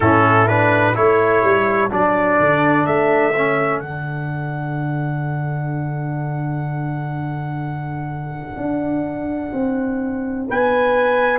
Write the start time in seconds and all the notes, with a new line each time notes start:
0.00 A2 C#4 E4 A4
0.47 D4 B4
0.94 A3 E4 A4 C#5
1.43 G3
1.90 F#3 D4 D5
2.39 D3
2.86 A3 E5
3.36 C#4
3.79 D3 D4 F#5
8.57 D4
9.52 C4
10.48 B3 B4 G#5